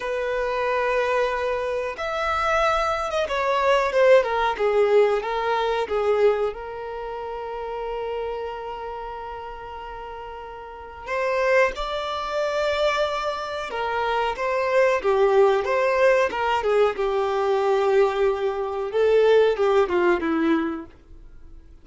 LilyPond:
\new Staff \with { instrumentName = "violin" } { \time 4/4 \tempo 4 = 92 b'2. e''4~ | e''8. dis''16 cis''4 c''8 ais'8 gis'4 | ais'4 gis'4 ais'2~ | ais'1~ |
ais'4 c''4 d''2~ | d''4 ais'4 c''4 g'4 | c''4 ais'8 gis'8 g'2~ | g'4 a'4 g'8 f'8 e'4 | }